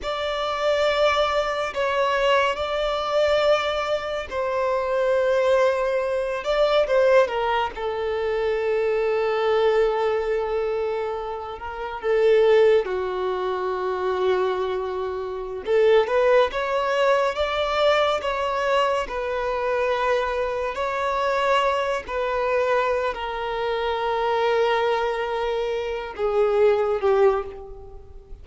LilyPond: \new Staff \with { instrumentName = "violin" } { \time 4/4 \tempo 4 = 70 d''2 cis''4 d''4~ | d''4 c''2~ c''8 d''8 | c''8 ais'8 a'2.~ | a'4. ais'8 a'4 fis'4~ |
fis'2~ fis'16 a'8 b'8 cis''8.~ | cis''16 d''4 cis''4 b'4.~ b'16~ | b'16 cis''4. b'4~ b'16 ais'4~ | ais'2~ ais'8 gis'4 g'8 | }